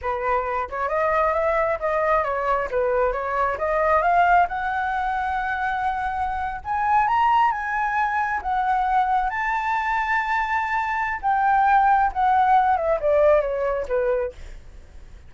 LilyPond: \new Staff \with { instrumentName = "flute" } { \time 4/4 \tempo 4 = 134 b'4. cis''8 dis''4 e''4 | dis''4 cis''4 b'4 cis''4 | dis''4 f''4 fis''2~ | fis''2~ fis''8. gis''4 ais''16~ |
ais''8. gis''2 fis''4~ fis''16~ | fis''8. a''2.~ a''16~ | a''4 g''2 fis''4~ | fis''8 e''8 d''4 cis''4 b'4 | }